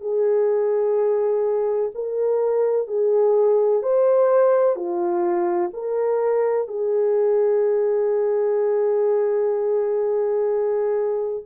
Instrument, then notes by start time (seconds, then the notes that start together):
horn
0.00 G#4
1.94 A#4
2.87 G#4
3.82 C5
4.75 F4
5.73 A#4
6.68 G#4